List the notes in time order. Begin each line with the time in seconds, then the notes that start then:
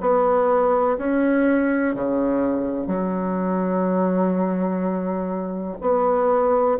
0.00 B3
0.97 C#4
1.94 C#3
2.86 F#3
5.81 B3